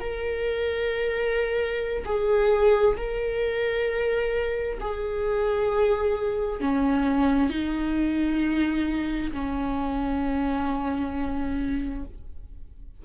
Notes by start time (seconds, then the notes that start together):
0.00 A#4
2.06 G#4
2.97 A#4
4.81 G#4
6.60 C#4
7.50 D#4
9.32 C#4